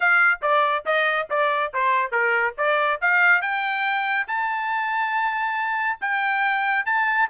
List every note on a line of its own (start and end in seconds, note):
0.00 0.40 F5
0.41 0.84 D5
0.85 1.28 D#5
1.30 1.72 D5
1.73 2.11 C5
2.11 2.54 A#4
2.57 3.00 D5
3.01 3.41 F5
3.41 4.27 G5
4.27 5.98 A5
6.00 6.85 G5
6.85 7.28 A5